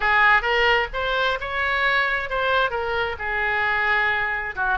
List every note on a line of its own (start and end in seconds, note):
0.00 0.42 G#4
0.42 0.87 A#4
0.93 1.38 C5
1.40 2.29 C#5
2.29 2.70 C5
2.70 3.15 A#4
3.18 4.55 G#4
4.55 4.78 F#4